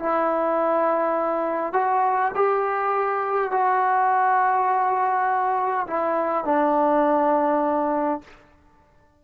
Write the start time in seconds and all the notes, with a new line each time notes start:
0.00 E4
1.73 F#4
2.35 G4
3.52 F#4
5.87 E4
6.45 D4